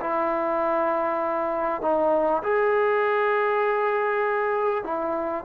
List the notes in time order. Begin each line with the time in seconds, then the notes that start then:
0.00 E4
1.82 D#4
2.42 G#4
4.83 E4